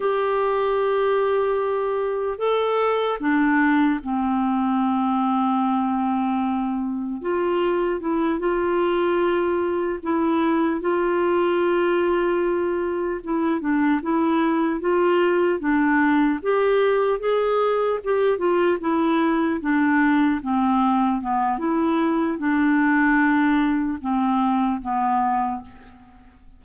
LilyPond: \new Staff \with { instrumentName = "clarinet" } { \time 4/4 \tempo 4 = 75 g'2. a'4 | d'4 c'2.~ | c'4 f'4 e'8 f'4.~ | f'8 e'4 f'2~ f'8~ |
f'8 e'8 d'8 e'4 f'4 d'8~ | d'8 g'4 gis'4 g'8 f'8 e'8~ | e'8 d'4 c'4 b8 e'4 | d'2 c'4 b4 | }